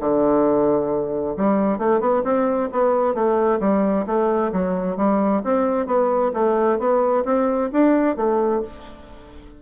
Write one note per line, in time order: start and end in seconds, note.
0.00 1.36 D3
1.36 1.78 G3
1.78 2.00 A3
2.00 2.23 B3
2.24 2.69 C4
2.72 3.14 B3
3.14 3.60 A3
3.60 4.05 G3
4.06 4.52 A3
4.52 4.97 F#3
4.97 5.42 G3
5.44 5.86 C4
5.86 6.31 B3
6.33 6.79 A3
6.79 7.24 B3
7.25 7.70 C4
7.72 8.16 D4
8.16 8.62 A3